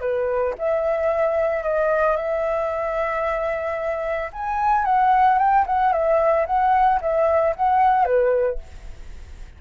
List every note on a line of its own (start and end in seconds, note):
0.00 0.54 B4
0.58 1.63 E5
1.63 2.16 D#5
2.16 4.30 E5
4.32 4.85 G#5
4.85 5.38 F#5
5.38 5.65 G5
5.66 5.92 F#5
5.92 6.46 E5
6.46 7.00 F#5
7.01 7.54 E5
7.56 8.04 F#5
8.04 8.58 B4